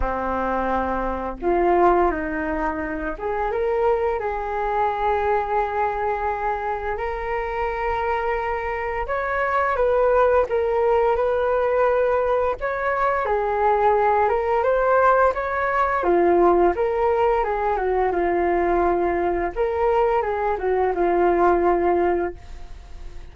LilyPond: \new Staff \with { instrumentName = "flute" } { \time 4/4 \tempo 4 = 86 c'2 f'4 dis'4~ | dis'8 gis'8 ais'4 gis'2~ | gis'2 ais'2~ | ais'4 cis''4 b'4 ais'4 |
b'2 cis''4 gis'4~ | gis'8 ais'8 c''4 cis''4 f'4 | ais'4 gis'8 fis'8 f'2 | ais'4 gis'8 fis'8 f'2 | }